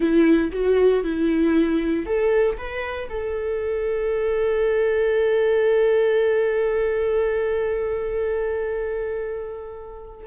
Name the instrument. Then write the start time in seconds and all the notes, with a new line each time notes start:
viola
0.00 E4
0.52 F#4
1.03 E4
2.06 A4
2.57 B4
3.09 A4